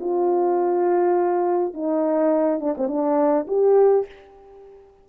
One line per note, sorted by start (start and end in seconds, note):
0.00 1.74 F4
1.74 2.60 D#4
2.60 2.75 D4
2.77 2.88 C4
2.88 3.46 D4
3.47 4.06 G4